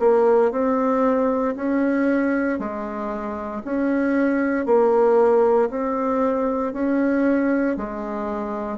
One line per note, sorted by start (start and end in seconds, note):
0.00 0.52 A#3
0.52 1.55 C4
1.56 2.59 C#4
2.59 3.63 G#3
3.65 4.66 C#4
4.66 5.69 A#3
5.70 6.73 C4
6.73 7.77 C#4
7.77 8.78 G#3